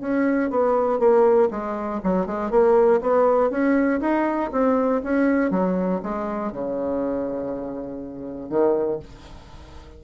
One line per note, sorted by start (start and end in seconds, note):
0.00 0.50 C#4
0.50 0.99 B3
0.99 1.49 A#3
1.51 2.01 G#3
2.04 2.26 F#3
2.26 2.51 G#3
2.51 3.01 A#3
3.01 3.50 B3
3.50 4.00 C#4
4.00 4.50 D#4
4.52 5.02 C4
5.03 5.51 C#4
5.51 6.01 F#3
6.03 6.52 G#3
6.52 8.49 C#3
8.49 8.99 D#3